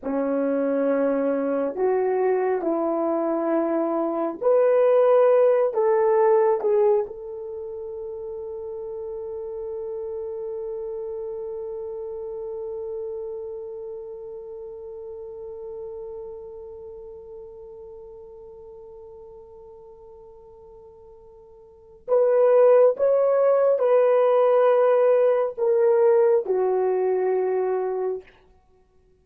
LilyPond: \new Staff \with { instrumentName = "horn" } { \time 4/4 \tempo 4 = 68 cis'2 fis'4 e'4~ | e'4 b'4. a'4 gis'8 | a'1~ | a'1~ |
a'1~ | a'1~ | a'4 b'4 cis''4 b'4~ | b'4 ais'4 fis'2 | }